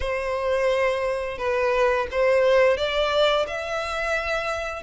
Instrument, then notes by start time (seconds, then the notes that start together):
violin
0.00 C5
1.38 B4
2.11 C5
2.77 D5
3.47 E5